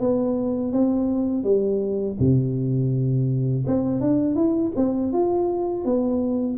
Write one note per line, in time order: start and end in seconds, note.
0.00 0.72 B3
0.72 1.44 C4
1.44 2.17 G3
2.19 3.66 C3
3.67 4.01 C4
4.01 4.35 D4
4.35 4.72 E4
4.76 5.13 C4
5.13 5.85 F4
5.85 6.58 B3